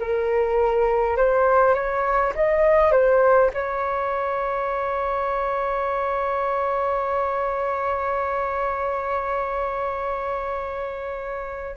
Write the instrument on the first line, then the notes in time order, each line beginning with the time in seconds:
flute
0.00 A#4
1.17 C5
1.74 C#5
2.35 D#5
2.92 C5
3.54 C#5